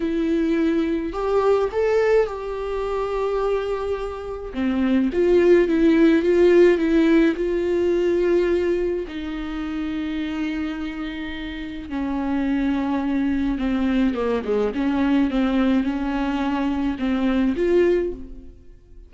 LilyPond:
\new Staff \with { instrumentName = "viola" } { \time 4/4 \tempo 4 = 106 e'2 g'4 a'4 | g'1 | c'4 f'4 e'4 f'4 | e'4 f'2. |
dis'1~ | dis'4 cis'2. | c'4 ais8 gis8 cis'4 c'4 | cis'2 c'4 f'4 | }